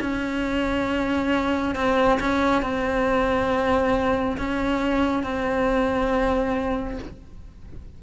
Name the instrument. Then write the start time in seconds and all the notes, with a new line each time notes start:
cello
0.00 C#4
1.75 C4
2.20 C#4
2.62 C4
4.37 C#4
5.23 C4